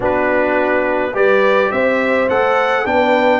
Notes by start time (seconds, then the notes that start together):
0.00 B3 D4 F#4 B4
1.13 G3 G4 B4 D5
1.71 C4 C5 E5
2.29 A3 A4 F#5
2.85 B3 D4 B4 G5